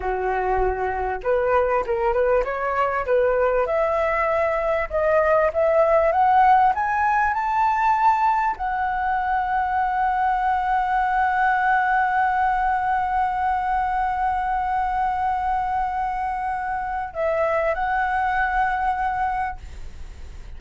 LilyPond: \new Staff \with { instrumentName = "flute" } { \time 4/4 \tempo 4 = 98 fis'2 b'4 ais'8 b'8 | cis''4 b'4 e''2 | dis''4 e''4 fis''4 gis''4 | a''2 fis''2~ |
fis''1~ | fis''1~ | fis''1 | e''4 fis''2. | }